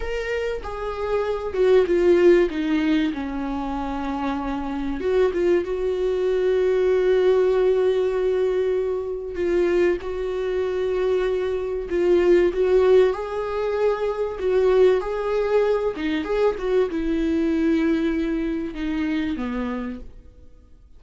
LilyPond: \new Staff \with { instrumentName = "viola" } { \time 4/4 \tempo 4 = 96 ais'4 gis'4. fis'8 f'4 | dis'4 cis'2. | fis'8 f'8 fis'2.~ | fis'2. f'4 |
fis'2. f'4 | fis'4 gis'2 fis'4 | gis'4. dis'8 gis'8 fis'8 e'4~ | e'2 dis'4 b4 | }